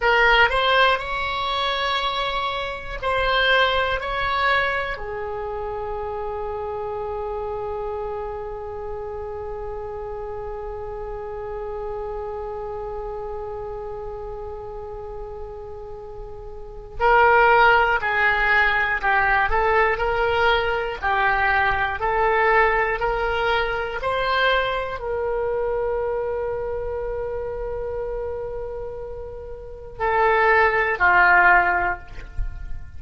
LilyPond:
\new Staff \with { instrumentName = "oboe" } { \time 4/4 \tempo 4 = 60 ais'8 c''8 cis''2 c''4 | cis''4 gis'2.~ | gis'1~ | gis'1~ |
gis'4 ais'4 gis'4 g'8 a'8 | ais'4 g'4 a'4 ais'4 | c''4 ais'2.~ | ais'2 a'4 f'4 | }